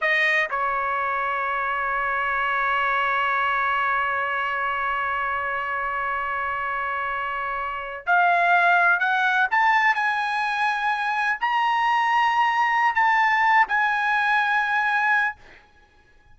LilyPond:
\new Staff \with { instrumentName = "trumpet" } { \time 4/4 \tempo 4 = 125 dis''4 cis''2.~ | cis''1~ | cis''1~ | cis''1~ |
cis''8. f''2 fis''4 a''16~ | a''8. gis''2. ais''16~ | ais''2. a''4~ | a''8 gis''2.~ gis''8 | }